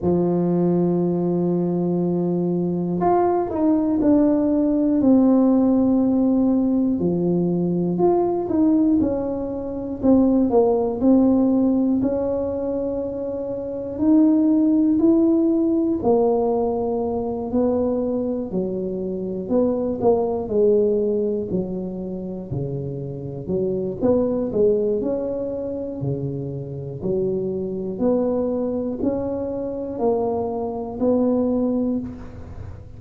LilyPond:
\new Staff \with { instrumentName = "tuba" } { \time 4/4 \tempo 4 = 60 f2. f'8 dis'8 | d'4 c'2 f4 | f'8 dis'8 cis'4 c'8 ais8 c'4 | cis'2 dis'4 e'4 |
ais4. b4 fis4 b8 | ais8 gis4 fis4 cis4 fis8 | b8 gis8 cis'4 cis4 fis4 | b4 cis'4 ais4 b4 | }